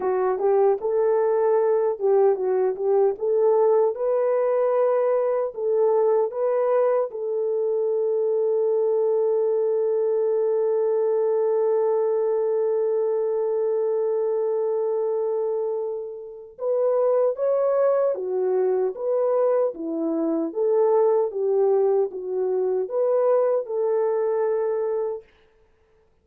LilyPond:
\new Staff \with { instrumentName = "horn" } { \time 4/4 \tempo 4 = 76 fis'8 g'8 a'4. g'8 fis'8 g'8 | a'4 b'2 a'4 | b'4 a'2.~ | a'1~ |
a'1~ | a'4 b'4 cis''4 fis'4 | b'4 e'4 a'4 g'4 | fis'4 b'4 a'2 | }